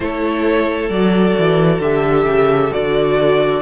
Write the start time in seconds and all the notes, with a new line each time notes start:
0.00 A3 E4 A4 C#5
0.89 F#3 F#4 D5
1.38 E3
1.79 D3 G4 E5
2.25 C#3
2.70 D3 F#4 D5